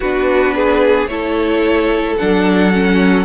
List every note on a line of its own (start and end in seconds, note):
0.00 1.05 B3
0.00 1.09 D4
0.00 0.55 F#4
0.00 1.07 B4
0.55 1.10 G#4
1.05 2.15 A3
1.05 2.18 E4
1.05 3.25 A4
1.05 2.16 C#5
2.17 3.25 F#3
2.17 2.72 D4
2.17 3.25 F#5
2.72 3.25 C#4